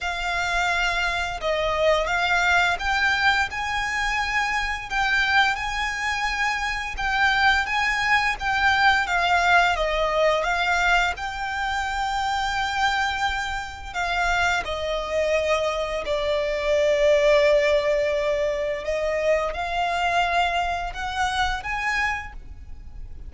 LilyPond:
\new Staff \with { instrumentName = "violin" } { \time 4/4 \tempo 4 = 86 f''2 dis''4 f''4 | g''4 gis''2 g''4 | gis''2 g''4 gis''4 | g''4 f''4 dis''4 f''4 |
g''1 | f''4 dis''2 d''4~ | d''2. dis''4 | f''2 fis''4 gis''4 | }